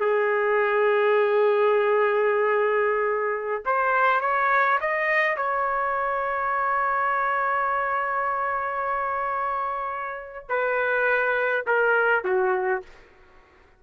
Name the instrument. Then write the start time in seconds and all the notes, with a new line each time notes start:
trumpet
0.00 G#4
3.65 C5
4.21 C#5
4.81 D#5
5.37 C#5
10.49 B4
11.67 A#4
12.24 F#4